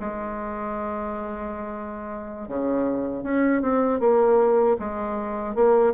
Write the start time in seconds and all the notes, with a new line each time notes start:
0.00 G#3
2.48 C#3
3.23 C#4
3.62 C4
4.00 A#3
4.79 G#3
5.55 A#3